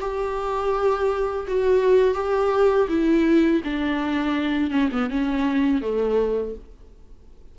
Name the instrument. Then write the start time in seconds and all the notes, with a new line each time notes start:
viola
0.00 G4
1.47 F#4
2.14 G4
2.88 E4
3.64 D4
4.70 C#4
4.92 B3
5.10 C#4
5.81 A3